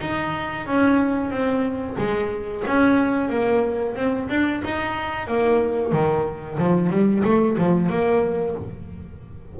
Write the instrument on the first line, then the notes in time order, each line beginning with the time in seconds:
double bass
0.00 D#4
0.66 C#4
1.30 C4
1.98 G#3
2.66 C#4
3.29 A#3
3.95 C4
4.29 D4
4.64 D#4
5.27 A#3
5.92 D#3
6.58 F3
6.89 G3
7.24 A3
7.57 F3
7.89 A#3